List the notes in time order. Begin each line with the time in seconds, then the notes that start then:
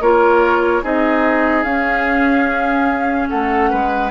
0.00 A#3 F4 A#4 C#5
0.82 C4 D#4 G#4 D#5
1.63 C#4 F5
3.28 A3 A4 F#5
3.70 G#3 B4